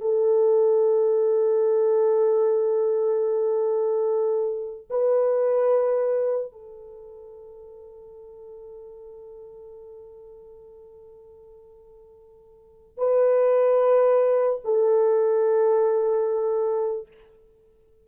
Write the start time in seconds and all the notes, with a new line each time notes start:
0.00 A4
4.90 B4
6.52 A4
12.97 B4
14.64 A4